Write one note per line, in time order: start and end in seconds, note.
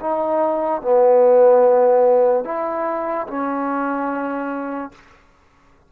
0.00 0.81 D#4
0.81 2.44 B3
2.44 3.27 E4
3.27 4.92 C#4